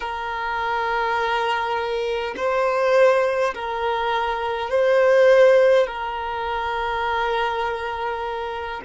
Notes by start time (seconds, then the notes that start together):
0.00 A#4
2.36 C5
3.54 A#4
4.70 C5
5.87 A#4